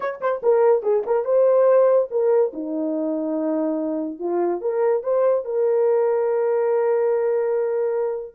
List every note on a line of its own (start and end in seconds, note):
0.00 0.20 C#5
0.20 0.41 C5
0.43 0.82 A#4
0.82 1.03 G#4
1.06 1.24 A#4
1.24 2.08 C5
2.10 2.52 A#4
2.53 4.19 D#4
4.19 4.61 F4
4.61 5.03 A#4
5.03 5.44 C5
5.44 8.35 A#4